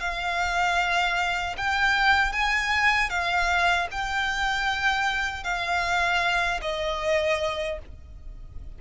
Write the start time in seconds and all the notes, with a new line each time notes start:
0.00 F5
1.57 G5
2.32 G#5
3.10 F5
3.91 G5
5.44 F5
6.62 D#5